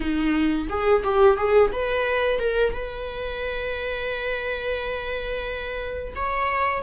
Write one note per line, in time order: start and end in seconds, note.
0.00 0.68 D#4
0.68 1.03 G#4
1.03 1.37 G4
1.37 1.71 G#4
1.72 2.39 B4
2.39 2.73 A#4
2.73 6.14 B4
6.15 6.82 C#5